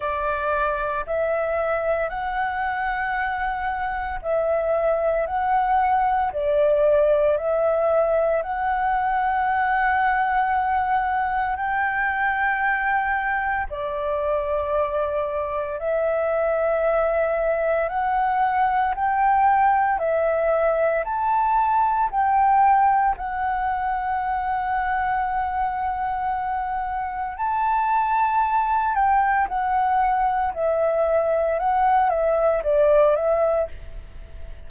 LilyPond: \new Staff \with { instrumentName = "flute" } { \time 4/4 \tempo 4 = 57 d''4 e''4 fis''2 | e''4 fis''4 d''4 e''4 | fis''2. g''4~ | g''4 d''2 e''4~ |
e''4 fis''4 g''4 e''4 | a''4 g''4 fis''2~ | fis''2 a''4. g''8 | fis''4 e''4 fis''8 e''8 d''8 e''8 | }